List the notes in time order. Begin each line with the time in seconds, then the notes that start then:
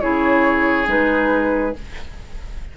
0.00 C#3 E4 G#4 C#5
0.86 G#3 D#4 B4